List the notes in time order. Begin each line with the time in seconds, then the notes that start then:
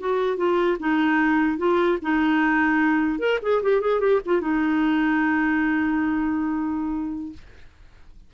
0.00 F#4
0.38 F4
0.80 D#4
1.58 F4
2.02 D#4
3.19 A#4
3.42 G#4
3.63 G4
3.81 G#4
4.00 G4
4.26 F4
4.41 D#4